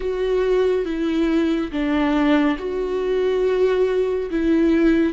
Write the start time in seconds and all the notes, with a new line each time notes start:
0.00 F#4
0.85 E4
1.71 D4
2.58 F#4
4.30 E4